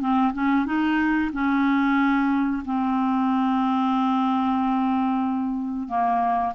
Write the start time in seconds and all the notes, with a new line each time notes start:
0.00 C4
0.33 C#4
0.65 D#4
1.32 C#4
2.64 C4
5.88 A#3